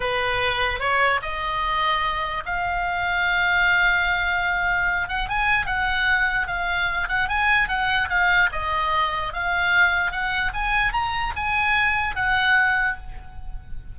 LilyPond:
\new Staff \with { instrumentName = "oboe" } { \time 4/4 \tempo 4 = 148 b'2 cis''4 dis''4~ | dis''2 f''2~ | f''1~ | f''8 fis''8 gis''4 fis''2 |
f''4. fis''8 gis''4 fis''4 | f''4 dis''2 f''4~ | f''4 fis''4 gis''4 ais''4 | gis''2 fis''2 | }